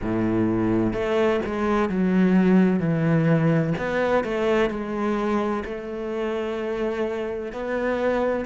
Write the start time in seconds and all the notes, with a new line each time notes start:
0.02 A2
0.93 A3
1.45 G#3
1.89 F#3
2.79 E3
3.78 B3
4.24 A3
4.70 G#3
5.65 A3
7.52 B3